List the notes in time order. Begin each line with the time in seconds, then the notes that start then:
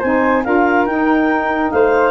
0.00 C4 D#4 C5 G#5
0.44 D4 F4 A#4 F5
0.86 D#4 G5
1.71 A3 C5 F5